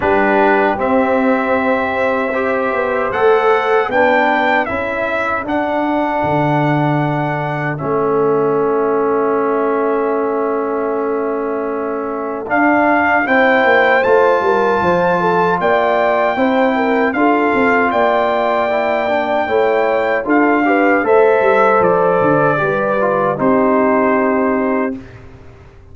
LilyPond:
<<
  \new Staff \with { instrumentName = "trumpet" } { \time 4/4 \tempo 4 = 77 b'4 e''2. | fis''4 g''4 e''4 fis''4~ | fis''2 e''2~ | e''1 |
f''4 g''4 a''2 | g''2 f''4 g''4~ | g''2 f''4 e''4 | d''2 c''2 | }
  \new Staff \with { instrumentName = "horn" } { \time 4/4 g'2. c''4~ | c''4 b'4 a'2~ | a'1~ | a'1~ |
a'4 c''4. ais'8 c''8 a'8 | d''4 c''8 ais'8 a'4 d''4~ | d''4 cis''4 a'8 b'8 c''4~ | c''4 b'4 g'2 | }
  \new Staff \with { instrumentName = "trombone" } { \time 4/4 d'4 c'2 g'4 | a'4 d'4 e'4 d'4~ | d'2 cis'2~ | cis'1 |
d'4 e'4 f'2~ | f'4 e'4 f'2 | e'8 d'8 e'4 f'8 g'8 a'4~ | a'4 g'8 f'8 dis'2 | }
  \new Staff \with { instrumentName = "tuba" } { \time 4/4 g4 c'2~ c'8 b8 | a4 b4 cis'4 d'4 | d2 a2~ | a1 |
d'4 c'8 ais8 a8 g8 f4 | ais4 c'4 d'8 c'8 ais4~ | ais4 a4 d'4 a8 g8 | f8 d8 g4 c'2 | }
>>